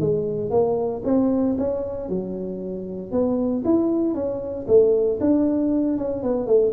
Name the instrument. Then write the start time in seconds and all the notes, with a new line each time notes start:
tuba
0.00 G#3
0.51 A#3
1.05 C4
1.58 C#4
2.09 F#3
3.12 B3
3.65 E4
4.14 C#4
4.68 A3
5.21 D4
5.98 C#4
6.23 B3
6.47 A3